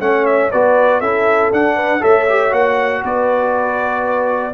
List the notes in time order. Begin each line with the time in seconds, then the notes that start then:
0.00 A3 C#4 C#5 F#5
0.26 E5
0.51 B3 F#4 B4 D5
1.01 C#4 E4 A4 E5
1.52 D4 F#5
1.76 B4
2.00 A3 A4 C#5 E5
2.29 G4
2.51 A#3 F#4 F#5
3.04 B3 B4 D5